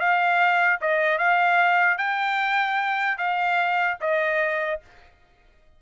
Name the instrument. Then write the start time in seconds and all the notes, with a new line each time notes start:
trumpet
0.00 F5
0.81 D#5
1.18 F5
1.98 G5
3.18 F5
4.01 D#5